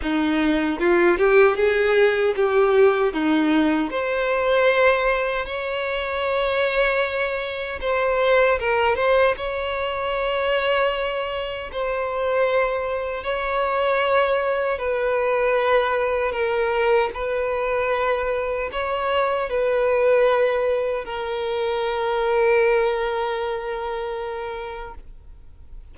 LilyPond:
\new Staff \with { instrumentName = "violin" } { \time 4/4 \tempo 4 = 77 dis'4 f'8 g'8 gis'4 g'4 | dis'4 c''2 cis''4~ | cis''2 c''4 ais'8 c''8 | cis''2. c''4~ |
c''4 cis''2 b'4~ | b'4 ais'4 b'2 | cis''4 b'2 ais'4~ | ais'1 | }